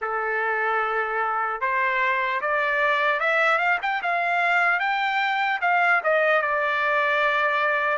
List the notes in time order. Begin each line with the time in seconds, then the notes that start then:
0.01 A4
1.60 C5
2.41 D5
3.20 E5
3.58 F5
3.81 G5
4.02 F5
4.79 G5
5.61 F5
6.03 D#5
6.41 D5